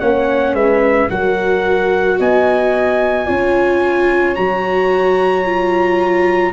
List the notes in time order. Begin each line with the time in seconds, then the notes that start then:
0.00 A#3 C#4 C#5 F#5
0.54 G#3 B4 E5
1.10 F#3 F#4 A#4 F#5
2.20 B3 D#5 G#5
3.26 C#4 F4 C#5
4.35 F#3 F#4 A#5
5.45 F4